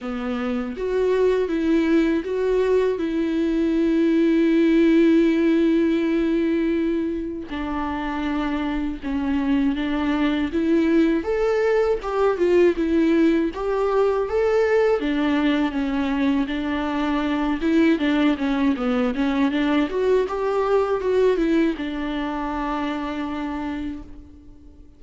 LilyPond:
\new Staff \with { instrumentName = "viola" } { \time 4/4 \tempo 4 = 80 b4 fis'4 e'4 fis'4 | e'1~ | e'2 d'2 | cis'4 d'4 e'4 a'4 |
g'8 f'8 e'4 g'4 a'4 | d'4 cis'4 d'4. e'8 | d'8 cis'8 b8 cis'8 d'8 fis'8 g'4 | fis'8 e'8 d'2. | }